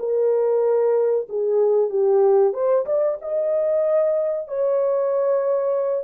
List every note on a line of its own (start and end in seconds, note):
0.00 1.28 A#4
1.29 1.90 G#4
1.90 2.54 G4
2.54 2.86 C5
2.86 3.18 D5
3.21 4.48 D#5
4.48 6.04 C#5